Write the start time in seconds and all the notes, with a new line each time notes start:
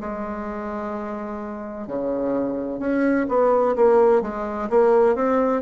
0.00 G#3
1.87 C#3
2.80 C#4
3.29 B3
3.76 A#3
4.22 G#3
4.70 A#3
5.16 C4